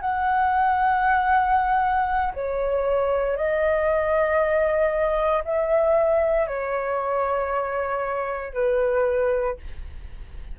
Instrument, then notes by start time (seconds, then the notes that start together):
flute
0.00 F#5
2.33 C#5
3.36 D#5
5.44 E5
6.47 C#5
8.53 B4